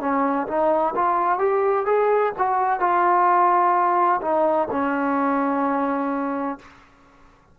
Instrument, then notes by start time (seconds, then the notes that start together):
trombone
0.00 C#4
0.47 D#4
0.95 F4
1.39 G4
1.86 G#4
2.38 F#4
2.80 F4
4.21 D#4
4.71 C#4